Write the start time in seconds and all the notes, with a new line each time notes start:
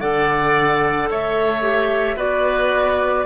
0.00 D3 A4 D5 F#5
1.10 A3 C#5 E5
1.62 G4
2.16 B3 F#4 B4 D5